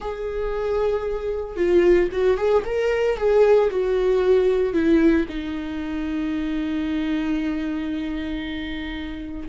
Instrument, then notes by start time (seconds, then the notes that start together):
viola
0.00 G#4
1.56 F4
2.12 F#4
2.37 G#4
2.64 A#4
3.17 G#4
3.70 F#4
4.73 E4
5.28 D#4